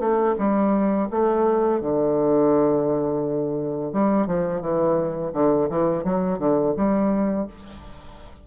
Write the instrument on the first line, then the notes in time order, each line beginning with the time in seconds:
bassoon
0.00 A3
0.39 G3
1.11 A3
1.82 D3
3.93 G3
4.27 F3
4.62 E3
5.34 D3
5.70 E3
6.04 F#3
6.39 D3
6.77 G3